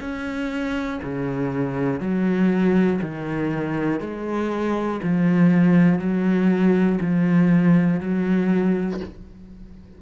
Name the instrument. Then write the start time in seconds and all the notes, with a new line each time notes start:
cello
0.00 C#4
1.03 C#3
2.00 F#3
3.01 D#3
4.00 G#3
5.03 F3
5.99 F#3
7.01 F3
8.00 F#3